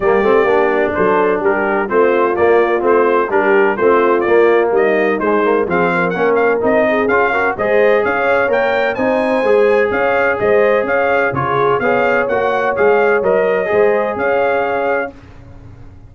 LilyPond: <<
  \new Staff \with { instrumentName = "trumpet" } { \time 4/4 \tempo 4 = 127 d''2 c''4 ais'4 | c''4 d''4 c''4 ais'4 | c''4 d''4 dis''4 c''4 | f''4 fis''8 f''8 dis''4 f''4 |
dis''4 f''4 g''4 gis''4~ | gis''4 f''4 dis''4 f''4 | cis''4 f''4 fis''4 f''4 | dis''2 f''2 | }
  \new Staff \with { instrumentName = "horn" } { \time 4/4 g'2 a'4 g'4 | f'2. g'4 | f'2 dis'2 | gis'8 ais'2 gis'4 ais'8 |
c''4 cis''2 c''4~ | c''4 cis''4 c''4 cis''4 | gis'4 cis''2.~ | cis''4 c''4 cis''2 | }
  \new Staff \with { instrumentName = "trombone" } { \time 4/4 ais8 c'8 d'2. | c'4 ais4 c'4 d'4 | c'4 ais2 gis8 ais8 | c'4 cis'4 dis'4 f'8 fis'8 |
gis'2 ais'4 dis'4 | gis'1 | f'4 gis'4 fis'4 gis'4 | ais'4 gis'2. | }
  \new Staff \with { instrumentName = "tuba" } { \time 4/4 g8 a8 ais4 fis4 g4 | a4 ais4 a4 g4 | a4 ais4 g4 gis4 | f4 ais4 c'4 cis'4 |
gis4 cis'4 ais4 c'4 | gis4 cis'4 gis4 cis'4 | cis4 b4 ais4 gis4 | fis4 gis4 cis'2 | }
>>